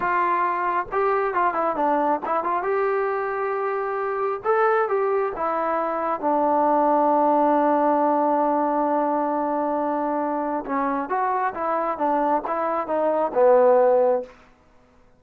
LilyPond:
\new Staff \with { instrumentName = "trombone" } { \time 4/4 \tempo 4 = 135 f'2 g'4 f'8 e'8 | d'4 e'8 f'8 g'2~ | g'2 a'4 g'4 | e'2 d'2~ |
d'1~ | d'1 | cis'4 fis'4 e'4 d'4 | e'4 dis'4 b2 | }